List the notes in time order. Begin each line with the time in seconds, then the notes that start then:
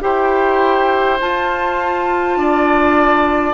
0.00 E4 G4 C5 G5
1.20 F4 A5
2.36 D4 D5